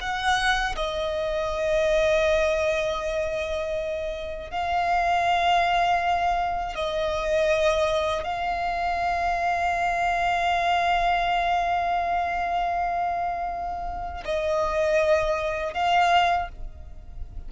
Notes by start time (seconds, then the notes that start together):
0.00 F#5
0.75 D#5
4.50 F5
6.75 D#5
8.23 F5
14.24 D#5
15.73 F5